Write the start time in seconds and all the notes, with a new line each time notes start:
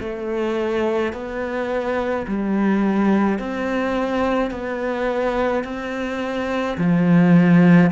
0.00 A3
1.13 B3
2.27 G3
3.39 C4
4.51 B3
5.64 C4
6.78 F3